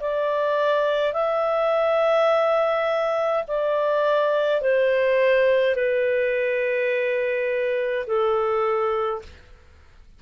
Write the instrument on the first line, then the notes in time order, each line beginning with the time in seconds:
clarinet
0.00 D5
1.14 E5
3.48 D5
4.62 C5
5.76 B4
8.07 A4